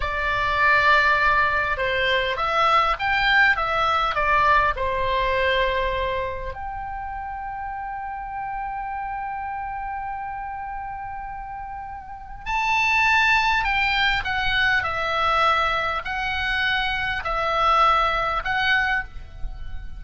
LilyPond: \new Staff \with { instrumentName = "oboe" } { \time 4/4 \tempo 4 = 101 d''2. c''4 | e''4 g''4 e''4 d''4 | c''2. g''4~ | g''1~ |
g''1~ | g''4 a''2 g''4 | fis''4 e''2 fis''4~ | fis''4 e''2 fis''4 | }